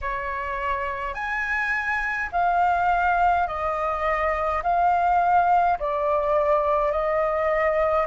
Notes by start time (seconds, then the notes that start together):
0.01 C#5
1.14 G#5
2.32 F5
3.47 D#5
4.63 F5
5.79 D5
6.91 D#5